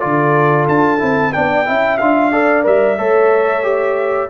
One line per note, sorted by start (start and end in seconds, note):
0.00 0.69 D3
0.00 0.98 F4
0.00 1.33 A4
0.00 0.66 D5
0.69 1.02 D4
0.69 1.33 A5
0.98 1.35 C4
0.98 1.31 E4
1.33 1.69 B3
1.33 1.65 D4
1.33 1.68 D5
1.33 1.98 G5
1.65 2.02 C#4
1.65 1.98 E4
1.65 2.33 E5
1.98 2.66 D4
1.98 2.32 F4
1.98 2.64 F5
2.32 2.63 A4
2.32 2.98 D5
2.63 2.98 G3
2.63 2.96 A#4
2.63 4.30 E5
2.98 4.30 A3
2.98 3.63 A4
2.98 4.30 C#5
3.63 4.29 G4